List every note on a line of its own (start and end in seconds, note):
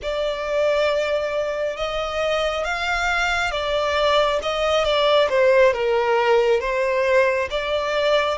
0.02 1.76 D5
1.76 2.64 D#5
2.64 3.51 F5
3.51 4.39 D5
4.42 4.84 D#5
4.84 5.28 D5
5.29 5.73 C5
5.73 6.60 A#4
6.60 7.48 C5
7.50 8.37 D5